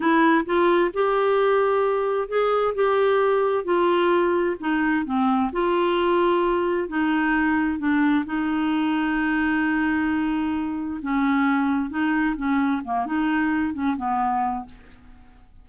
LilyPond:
\new Staff \with { instrumentName = "clarinet" } { \time 4/4 \tempo 4 = 131 e'4 f'4 g'2~ | g'4 gis'4 g'2 | f'2 dis'4 c'4 | f'2. dis'4~ |
dis'4 d'4 dis'2~ | dis'1 | cis'2 dis'4 cis'4 | ais8 dis'4. cis'8 b4. | }